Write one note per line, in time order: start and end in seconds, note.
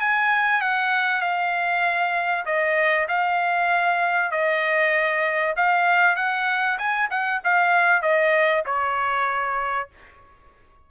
0.00 0.61 G#5
0.61 1.21 F#5
1.21 2.45 F5
2.45 3.07 D#5
3.08 4.31 F5
4.31 5.55 D#5
5.56 6.16 F5
6.16 6.78 F#5
6.78 7.09 G#5
7.10 7.41 F#5
7.44 8.02 F5
8.02 8.64 D#5
8.65 9.89 C#5